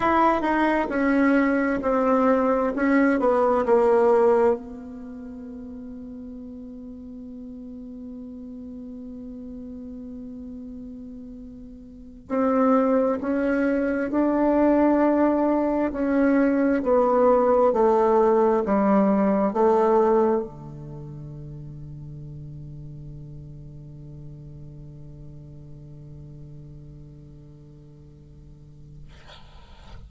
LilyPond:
\new Staff \with { instrumentName = "bassoon" } { \time 4/4 \tempo 4 = 66 e'8 dis'8 cis'4 c'4 cis'8 b8 | ais4 b2.~ | b1~ | b4. c'4 cis'4 d'8~ |
d'4. cis'4 b4 a8~ | a8 g4 a4 d4.~ | d1~ | d1 | }